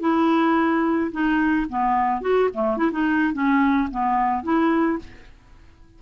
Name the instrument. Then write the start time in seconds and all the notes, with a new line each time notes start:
clarinet
0.00 E4
1.11 D#4
1.69 B3
2.21 F#4
2.54 A3
2.78 E4
2.92 D#4
3.34 C#4
3.91 B3
4.43 E4